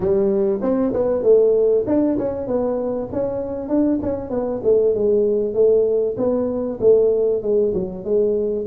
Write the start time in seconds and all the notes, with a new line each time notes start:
0.00 G3
0.61 C4
0.93 B3
1.22 A3
1.87 D4
2.18 C#4
2.47 B3
3.12 C#4
3.68 D4
4.02 C#4
4.30 B3
4.63 A3
4.95 G#3
5.54 A3
6.17 B3
6.80 A3
7.42 G#3
7.73 F#3
8.04 G#3